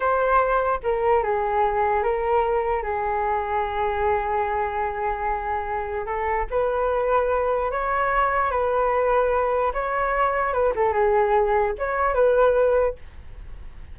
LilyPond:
\new Staff \with { instrumentName = "flute" } { \time 4/4 \tempo 4 = 148 c''2 ais'4 gis'4~ | gis'4 ais'2 gis'4~ | gis'1~ | gis'2. a'4 |
b'2. cis''4~ | cis''4 b'2. | cis''2 b'8 a'8 gis'4~ | gis'4 cis''4 b'2 | }